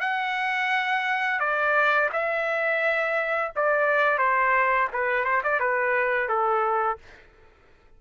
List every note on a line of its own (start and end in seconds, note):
0.00 1.40 F#5
1.40 2.09 D5
2.12 3.52 E5
3.56 4.18 D5
4.18 4.88 C5
4.93 5.25 B4
5.25 5.42 C5
5.43 5.60 D5
5.60 6.29 B4
6.29 6.98 A4